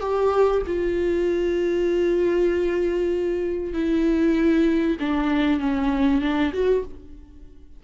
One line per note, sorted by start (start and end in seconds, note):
0.00 0.62 G4
0.67 3.73 F4
3.73 4.97 E4
5.00 5.60 D4
5.60 6.21 C#4
6.21 6.52 D4
6.53 6.84 F#4